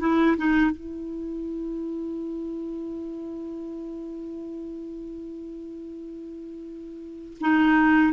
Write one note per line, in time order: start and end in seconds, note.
0.00 0.37 E4
0.38 0.71 D#4
0.71 7.38 E4
7.41 8.13 D#4